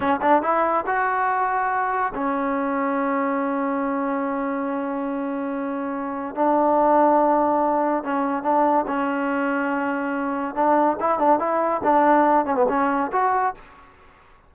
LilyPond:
\new Staff \with { instrumentName = "trombone" } { \time 4/4 \tempo 4 = 142 cis'8 d'8 e'4 fis'2~ | fis'4 cis'2.~ | cis'1~ | cis'2. d'4~ |
d'2. cis'4 | d'4 cis'2.~ | cis'4 d'4 e'8 d'8 e'4 | d'4. cis'16 b16 cis'4 fis'4 | }